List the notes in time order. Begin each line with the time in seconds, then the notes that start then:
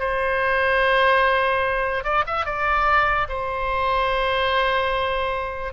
0.00 C5
2.04 D5
2.27 E5
2.46 D5
3.29 C5